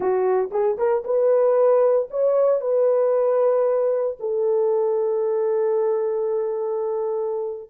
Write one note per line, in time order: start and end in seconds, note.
0.00 0.50 F#4
0.51 0.77 G#4
0.77 1.03 A#4
1.04 2.08 B4
2.10 2.61 C#5
2.61 4.17 B4
4.19 7.70 A4